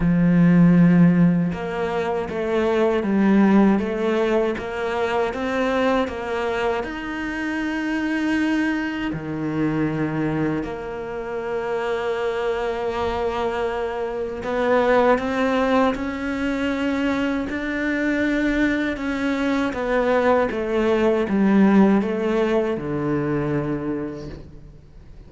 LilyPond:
\new Staff \with { instrumentName = "cello" } { \time 4/4 \tempo 4 = 79 f2 ais4 a4 | g4 a4 ais4 c'4 | ais4 dis'2. | dis2 ais2~ |
ais2. b4 | c'4 cis'2 d'4~ | d'4 cis'4 b4 a4 | g4 a4 d2 | }